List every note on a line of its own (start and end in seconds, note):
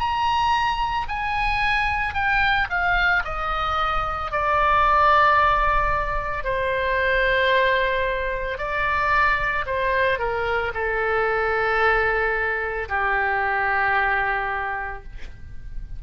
0.00 1.07 A#5
1.09 2.14 G#5
2.14 2.68 G5
2.70 3.23 F5
3.25 4.32 D#5
4.32 6.44 D5
6.44 8.59 C5
8.59 9.66 D5
9.66 10.19 C5
10.19 10.73 A#4
10.75 12.89 A4
12.90 15.04 G4